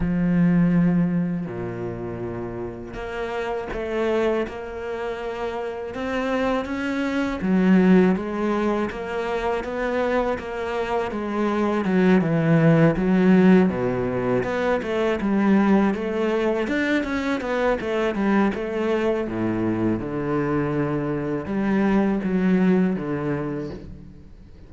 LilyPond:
\new Staff \with { instrumentName = "cello" } { \time 4/4 \tempo 4 = 81 f2 ais,2 | ais4 a4 ais2 | c'4 cis'4 fis4 gis4 | ais4 b4 ais4 gis4 |
fis8 e4 fis4 b,4 b8 | a8 g4 a4 d'8 cis'8 b8 | a8 g8 a4 a,4 d4~ | d4 g4 fis4 d4 | }